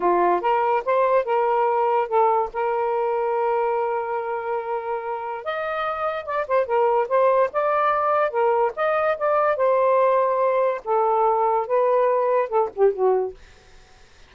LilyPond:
\new Staff \with { instrumentName = "saxophone" } { \time 4/4 \tempo 4 = 144 f'4 ais'4 c''4 ais'4~ | ais'4 a'4 ais'2~ | ais'1~ | ais'4 dis''2 d''8 c''8 |
ais'4 c''4 d''2 | ais'4 dis''4 d''4 c''4~ | c''2 a'2 | b'2 a'8 g'8 fis'4 | }